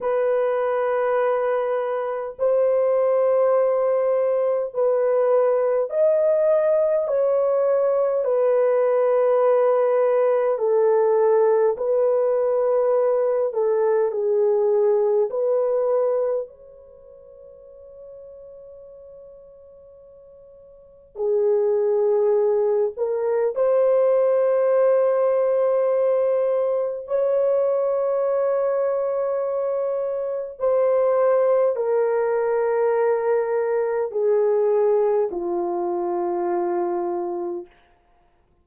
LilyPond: \new Staff \with { instrumentName = "horn" } { \time 4/4 \tempo 4 = 51 b'2 c''2 | b'4 dis''4 cis''4 b'4~ | b'4 a'4 b'4. a'8 | gis'4 b'4 cis''2~ |
cis''2 gis'4. ais'8 | c''2. cis''4~ | cis''2 c''4 ais'4~ | ais'4 gis'4 f'2 | }